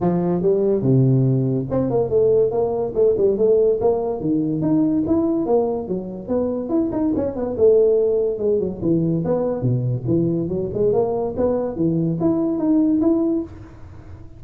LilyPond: \new Staff \with { instrumentName = "tuba" } { \time 4/4 \tempo 4 = 143 f4 g4 c2 | c'8 ais8 a4 ais4 a8 g8 | a4 ais4 dis4 dis'4 | e'4 ais4 fis4 b4 |
e'8 dis'8 cis'8 b8 a2 | gis8 fis8 e4 b4 b,4 | e4 fis8 gis8 ais4 b4 | e4 e'4 dis'4 e'4 | }